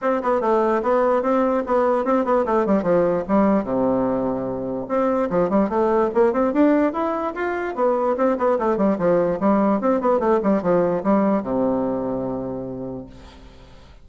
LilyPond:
\new Staff \with { instrumentName = "bassoon" } { \time 4/4 \tempo 4 = 147 c'8 b8 a4 b4 c'4 | b4 c'8 b8 a8 g8 f4 | g4 c2. | c'4 f8 g8 a4 ais8 c'8 |
d'4 e'4 f'4 b4 | c'8 b8 a8 g8 f4 g4 | c'8 b8 a8 g8 f4 g4 | c1 | }